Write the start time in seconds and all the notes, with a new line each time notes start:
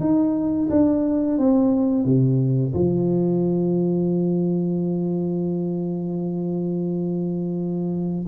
0.00 D#4
0.70 D4
1.38 C4
2.05 C3
2.74 F3